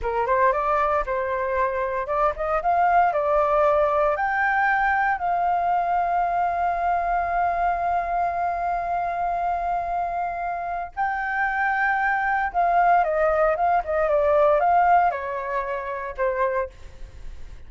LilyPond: \new Staff \with { instrumentName = "flute" } { \time 4/4 \tempo 4 = 115 ais'8 c''8 d''4 c''2 | d''8 dis''8 f''4 d''2 | g''2 f''2~ | f''1~ |
f''1~ | f''4 g''2. | f''4 dis''4 f''8 dis''8 d''4 | f''4 cis''2 c''4 | }